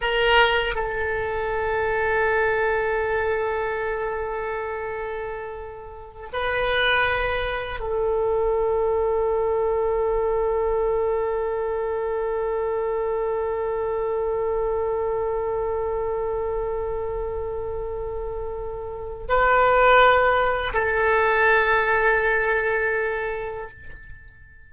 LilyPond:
\new Staff \with { instrumentName = "oboe" } { \time 4/4 \tempo 4 = 81 ais'4 a'2.~ | a'1~ | a'8 b'2 a'4.~ | a'1~ |
a'1~ | a'1~ | a'2 b'2 | a'1 | }